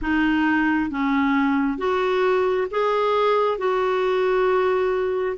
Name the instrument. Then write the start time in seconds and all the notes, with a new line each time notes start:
clarinet
0.01 D#4
0.90 C#4
1.77 F#4
2.71 G#4
3.57 F#4